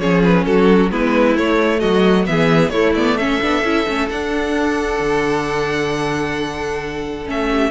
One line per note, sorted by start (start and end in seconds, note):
0.00 0.46 F3
0.00 0.91 C#4
0.00 0.46 G#4
0.00 0.23 C#5
0.24 0.45 B4
0.45 0.92 F#3
0.45 0.93 F#4
0.45 0.90 A4
0.91 1.37 G#3
0.91 1.36 B3
0.91 1.81 E4
0.91 1.37 B4
1.36 2.27 A3
1.36 1.83 A3
1.36 1.80 C#5
1.80 2.28 F#3
1.80 2.26 F#4
1.80 2.26 D#5
2.27 2.71 E3
2.27 2.72 B3
2.27 2.73 G#4
2.27 2.70 E5
2.70 3.39 A3
2.70 2.96 A3
2.70 3.19 E4
2.70 2.93 C#5
2.95 3.19 B3
2.95 3.18 D5
3.18 3.42 C#4
3.18 7.50 A4
3.18 4.09 E5
3.42 3.63 B3
3.42 3.64 D4
3.63 3.86 C#4
3.63 3.88 E4
3.88 4.11 A3
3.88 4.11 C#4
4.10 7.26 D4
4.10 5.00 D4
4.10 7.28 F#5
5.00 7.27 D3
7.26 7.72 A3
7.26 7.72 C#4
7.26 7.72 E5
7.50 7.72 G4